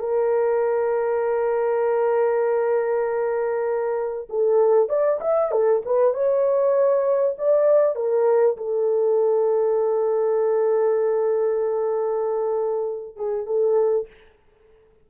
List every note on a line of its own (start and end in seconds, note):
0.00 4.29 A#4
4.30 4.89 A4
4.89 5.20 D5
5.21 5.52 E5
5.52 5.82 A4
5.86 6.14 B4
6.14 7.37 C#5
7.39 7.96 D5
7.96 8.57 A#4
8.57 13.17 A4
13.17 13.46 G#4
13.46 14.08 A4